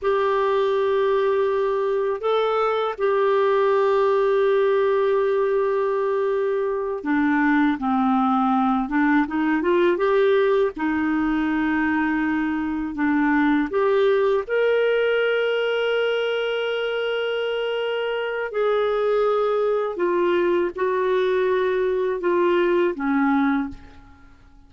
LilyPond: \new Staff \with { instrumentName = "clarinet" } { \time 4/4 \tempo 4 = 81 g'2. a'4 | g'1~ | g'4. d'4 c'4. | d'8 dis'8 f'8 g'4 dis'4.~ |
dis'4. d'4 g'4 ais'8~ | ais'1~ | ais'4 gis'2 f'4 | fis'2 f'4 cis'4 | }